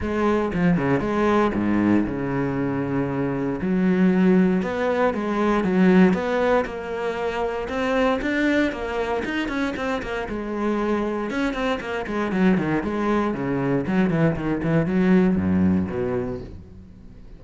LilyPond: \new Staff \with { instrumentName = "cello" } { \time 4/4 \tempo 4 = 117 gis4 f8 cis8 gis4 gis,4 | cis2. fis4~ | fis4 b4 gis4 fis4 | b4 ais2 c'4 |
d'4 ais4 dis'8 cis'8 c'8 ais8 | gis2 cis'8 c'8 ais8 gis8 | fis8 dis8 gis4 cis4 fis8 e8 | dis8 e8 fis4 fis,4 b,4 | }